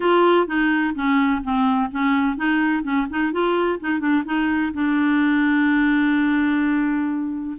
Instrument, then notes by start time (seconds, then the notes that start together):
clarinet
0.00 F4
0.47 D#4
0.94 C#4
1.43 C4
1.91 C#4
2.36 D#4
2.83 C#4
3.10 D#4
3.32 F4
3.79 D#4
3.99 D4
4.25 D#4
4.73 D4